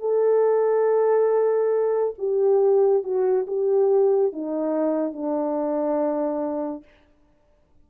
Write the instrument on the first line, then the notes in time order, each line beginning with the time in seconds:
horn
0.00 A4
2.18 G4
3.04 F#4
3.47 G4
4.33 D#4
5.13 D4